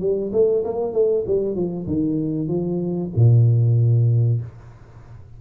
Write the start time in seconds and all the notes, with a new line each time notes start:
0.00 G3
0.32 A3
0.64 A#3
0.93 A3
1.26 G3
1.55 F3
1.87 D#3
2.48 F3
3.16 A#2